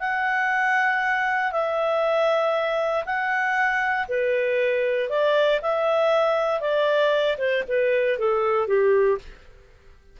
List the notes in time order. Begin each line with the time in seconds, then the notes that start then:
0.00 F#5
1.52 E5
3.06 F#5
4.08 B4
5.09 D5
5.62 E5
6.61 D5
7.38 C5
7.68 B4
8.19 A4
8.67 G4